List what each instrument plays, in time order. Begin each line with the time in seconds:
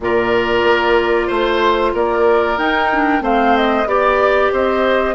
0.00 bassoon A#2, clarinet F4, oboe A#4, flute D5
0.63 bassoon A#3
1.27 bassoon A3, oboe C5, flute C5
1.93 bassoon A#3, oboe A#4, flute D5
2.58 bassoon D#4, clarinet D#4, flute G5
2.92 clarinet D4
3.20 bassoon A3, clarinet C4, oboe C5, flute F5
3.57 flute D#5
3.85 bassoon B3, clarinet G4, flute D5, oboe D5
4.52 bassoon C4, oboe C5, flute D#5